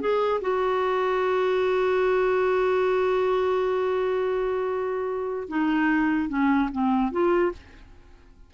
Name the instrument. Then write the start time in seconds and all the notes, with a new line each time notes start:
clarinet
0.00 G#4
0.41 F#4
5.48 D#4
6.29 C#4
6.72 C4
7.11 F4